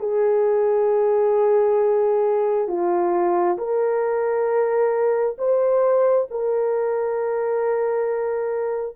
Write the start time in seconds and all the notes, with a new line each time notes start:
0.00 G#4
2.68 F4
3.58 A#4
5.39 C5
6.31 A#4